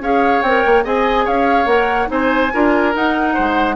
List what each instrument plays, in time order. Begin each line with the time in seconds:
0.00 bassoon C#4, clarinet G#4, oboe C#5, flute F5
0.42 bassoon C4, clarinet A#4, flute G5
0.66 bassoon A#3
0.84 bassoon C4, clarinet G#4, oboe D#5, flute G#5
1.25 bassoon C#4, oboe C#5, flute F5
1.66 bassoon A#3, clarinet A#4, flute F#5
2.07 bassoon C4, clarinet D#4, oboe C5, flute G#5
2.53 bassoon D4, clarinet F4, oboe A#4
2.93 clarinet D#4, bassoon D#4, flute F#5
3.34 bassoon G#3, oboe C5